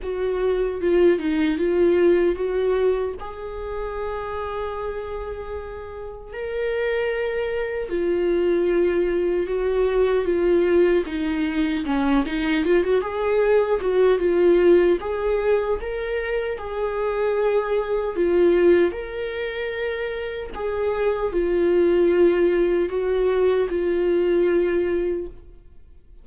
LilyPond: \new Staff \with { instrumentName = "viola" } { \time 4/4 \tempo 4 = 76 fis'4 f'8 dis'8 f'4 fis'4 | gis'1 | ais'2 f'2 | fis'4 f'4 dis'4 cis'8 dis'8 |
f'16 fis'16 gis'4 fis'8 f'4 gis'4 | ais'4 gis'2 f'4 | ais'2 gis'4 f'4~ | f'4 fis'4 f'2 | }